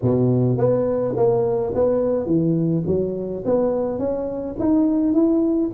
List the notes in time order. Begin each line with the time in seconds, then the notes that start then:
0.02 B2
0.57 B3
1.16 A#3
1.74 B3
2.25 E3
2.86 F#3
3.45 B3
3.98 C#4
4.59 D#4
5.13 E4